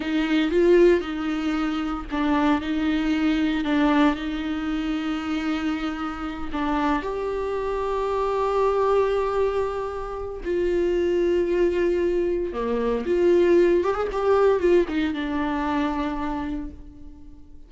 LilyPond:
\new Staff \with { instrumentName = "viola" } { \time 4/4 \tempo 4 = 115 dis'4 f'4 dis'2 | d'4 dis'2 d'4 | dis'1~ | dis'8 d'4 g'2~ g'8~ |
g'1 | f'1 | ais4 f'4. g'16 gis'16 g'4 | f'8 dis'8 d'2. | }